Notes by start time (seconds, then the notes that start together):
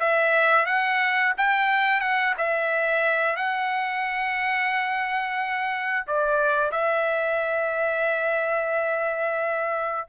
0.00 E5
0.66 F#5
1.38 G5
2.01 F#5
2.38 E5
3.36 F#5
6.07 D5
6.72 E5